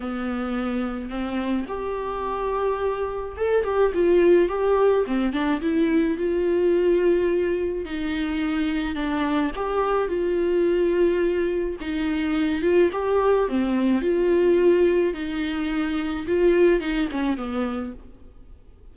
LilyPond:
\new Staff \with { instrumentName = "viola" } { \time 4/4 \tempo 4 = 107 b2 c'4 g'4~ | g'2 a'8 g'8 f'4 | g'4 c'8 d'8 e'4 f'4~ | f'2 dis'2 |
d'4 g'4 f'2~ | f'4 dis'4. f'8 g'4 | c'4 f'2 dis'4~ | dis'4 f'4 dis'8 cis'8 b4 | }